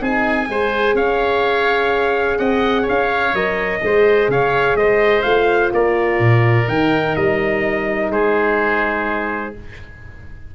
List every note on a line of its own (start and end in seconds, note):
0.00 0.48 C4
0.00 0.48 D#4
0.00 0.49 G#4
0.00 0.96 G#5
0.48 0.94 G#3
0.48 3.34 G#4
0.48 0.95 C5
0.94 2.37 C#4
0.94 2.38 C#5
0.94 2.39 F5
2.38 2.87 C4
2.38 2.82 D#5
2.38 2.86 F#5
2.82 3.78 C#5
2.89 3.33 C#4
2.89 3.35 F5
3.33 3.81 F#3
3.33 3.81 A#4
3.33 4.30 D#5
3.81 4.28 G#3
3.81 5.24 G#4
3.81 4.31 C5
4.28 4.75 C#3
4.28 4.78 C#5
4.28 4.77 F5
4.75 5.23 G#3
4.75 5.73 C5
4.75 5.22 D#5
5.22 5.72 A3
5.22 6.68 F4
5.22 5.70 F5
5.73 6.19 A#3
5.73 8.12 A#4
5.73 6.69 D5
6.19 6.67 A#2
6.68 7.16 D#3
6.68 9.55 D#4
6.68 7.16 G5
7.16 8.10 G3
7.16 8.11 D#5
8.10 9.53 G#3
8.10 9.55 G#4
8.10 9.55 C5